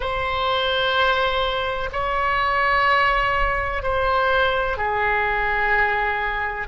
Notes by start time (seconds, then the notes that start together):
0.00 C5
1.92 C#5
3.82 C5
4.77 G#4